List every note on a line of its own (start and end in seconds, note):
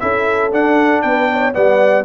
0.00 0.52 C#4
0.00 0.52 E4
0.00 1.04 A4
0.00 0.51 E5
0.52 1.53 D4
0.52 1.04 D4
0.52 1.02 F#5
1.02 1.55 B3
1.02 1.30 B4
1.02 1.53 G5
1.32 1.55 C#5
1.53 2.04 G3
1.53 2.04 B3
1.53 2.04 D5
1.53 2.04 F#5